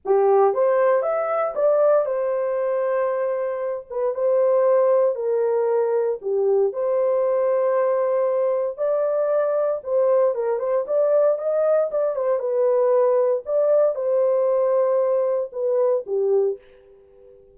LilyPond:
\new Staff \with { instrumentName = "horn" } { \time 4/4 \tempo 4 = 116 g'4 c''4 e''4 d''4 | c''2.~ c''8 b'8 | c''2 ais'2 | g'4 c''2.~ |
c''4 d''2 c''4 | ais'8 c''8 d''4 dis''4 d''8 c''8 | b'2 d''4 c''4~ | c''2 b'4 g'4 | }